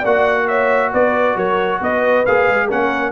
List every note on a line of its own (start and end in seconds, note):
0.00 0.93 A#3
0.00 2.26 F#4
0.00 0.44 D5
0.00 0.48 F#5
0.48 0.92 C#5
0.48 0.92 E5
0.93 1.36 B3
0.93 1.36 B4
0.93 1.37 D5
1.36 1.80 F#3
1.36 1.81 A#4
1.36 1.82 C#5
1.81 2.25 B3
1.81 2.67 B4
1.81 2.26 D#5
2.26 2.49 A#3
2.26 2.69 G#4
2.26 2.70 F5
2.49 2.71 G#3
2.67 3.12 A#3
2.67 3.12 C#4
2.67 3.11 A#4
2.67 3.12 F#5